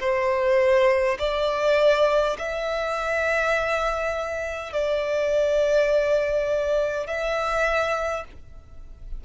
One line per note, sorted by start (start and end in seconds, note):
0.00 1.18 C5
1.19 2.37 D5
2.39 4.73 E5
4.73 7.07 D5
7.07 8.25 E5